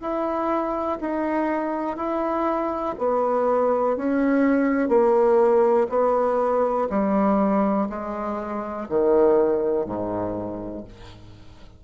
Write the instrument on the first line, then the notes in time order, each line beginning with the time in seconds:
bassoon
0.00 E4
1.01 D#4
1.97 E4
2.98 B3
3.97 C#4
4.88 A#3
5.89 B3
6.90 G3
7.89 G#3
8.89 D#3
9.86 G#2